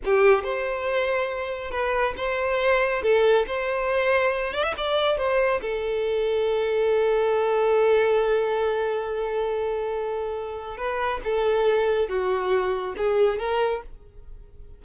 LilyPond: \new Staff \with { instrumentName = "violin" } { \time 4/4 \tempo 4 = 139 g'4 c''2. | b'4 c''2 a'4 | c''2~ c''8 d''16 e''16 d''4 | c''4 a'2.~ |
a'1~ | a'1~ | a'4 b'4 a'2 | fis'2 gis'4 ais'4 | }